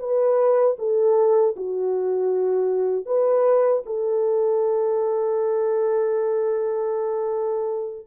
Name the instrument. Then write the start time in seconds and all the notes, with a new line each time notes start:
horn
0.00 B4
0.79 A4
1.57 F#4
3.06 B4
3.86 A4